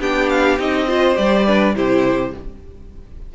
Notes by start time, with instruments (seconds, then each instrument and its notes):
0.00 cello B3, viola D4, violin G4 G5
0.30 violin F5
0.59 cello C4, viola D#4, violin D#5
0.88 viola F4, violin C5
1.15 cello G3, viola G4, violin D5
1.46 viola D4, violin B4
1.75 cello C3, viola E4, violin G4 C5